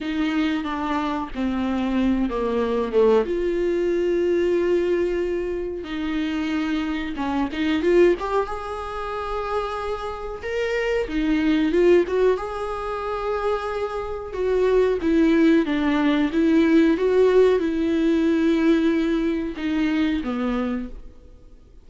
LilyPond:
\new Staff \with { instrumentName = "viola" } { \time 4/4 \tempo 4 = 92 dis'4 d'4 c'4. ais8~ | ais8 a8 f'2.~ | f'4 dis'2 cis'8 dis'8 | f'8 g'8 gis'2. |
ais'4 dis'4 f'8 fis'8 gis'4~ | gis'2 fis'4 e'4 | d'4 e'4 fis'4 e'4~ | e'2 dis'4 b4 | }